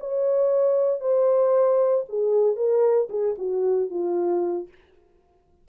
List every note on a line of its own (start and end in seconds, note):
0.00 1.01 C#5
1.01 2.05 C5
2.09 2.56 G#4
2.56 3.09 A#4
3.10 3.36 G#4
3.38 3.90 F#4
3.90 4.68 F4